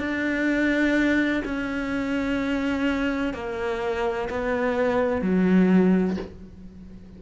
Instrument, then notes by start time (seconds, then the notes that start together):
cello
0.00 D4
1.45 C#4
3.34 A#3
4.30 B3
5.22 F#3